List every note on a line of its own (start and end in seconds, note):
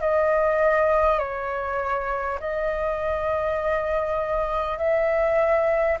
0.00 1.18 D#5
1.18 2.38 C#5
2.40 4.77 D#5
4.77 5.97 E5